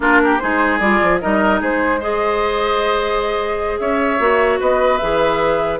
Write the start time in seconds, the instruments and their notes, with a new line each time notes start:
0.00 bassoon A#3, clarinet D4, oboe F4, flute A#4
0.24 oboe G4
0.38 bassoon G#3, clarinet D#4, oboe G#4, flute C5
0.79 bassoon G3, clarinet F4, flute D5
1.02 bassoon F3
1.20 bassoon G3, clarinet D#4, oboe A#4, flute D#5
1.60 bassoon G#3, oboe G#4, flute C5
2.00 clarinet G#4, oboe C5, flute D#5
3.79 bassoon C#4, oboe C#5, flute E5
4.19 bassoon A#3, clarinet F#4
4.59 bassoon B3, oboe B4, flute D#5
4.98 bassoon E3, clarinet G#4, flute E5